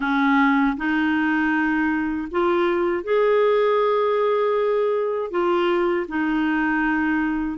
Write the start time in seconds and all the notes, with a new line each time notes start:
0.00 C#4
0.76 D#4
2.31 F4
3.03 G#4
5.30 F4
6.08 D#4